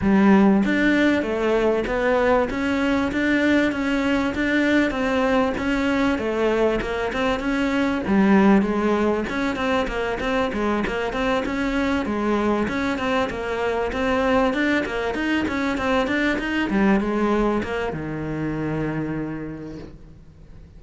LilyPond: \new Staff \with { instrumentName = "cello" } { \time 4/4 \tempo 4 = 97 g4 d'4 a4 b4 | cis'4 d'4 cis'4 d'4 | c'4 cis'4 a4 ais8 c'8 | cis'4 g4 gis4 cis'8 c'8 |
ais8 c'8 gis8 ais8 c'8 cis'4 gis8~ | gis8 cis'8 c'8 ais4 c'4 d'8 | ais8 dis'8 cis'8 c'8 d'8 dis'8 g8 gis8~ | gis8 ais8 dis2. | }